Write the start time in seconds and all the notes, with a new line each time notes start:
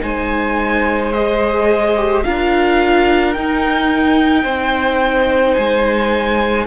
0.00 G#3 D#4 C5 G#5
1.13 G#4 D#5
1.97 G4
2.24 D4 F4 A#4 F5
3.34 D#4 G5
4.44 C4 C5
5.54 G#3 G#5